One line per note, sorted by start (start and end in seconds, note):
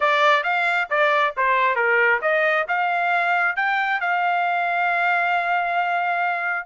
0.00 0.43 D5
0.43 0.87 F5
0.90 1.34 D5
1.37 1.75 C5
1.75 2.20 A#4
2.21 2.66 D#5
2.68 3.56 F5
3.56 4.00 G5
4.00 6.66 F5